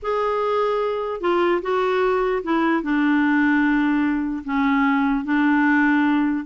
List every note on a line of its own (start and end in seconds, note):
0.02 1.20 G#4
1.20 1.61 F4
1.62 2.42 F#4
2.43 2.82 E4
2.82 4.43 D4
4.44 5.24 C#4
5.24 6.45 D4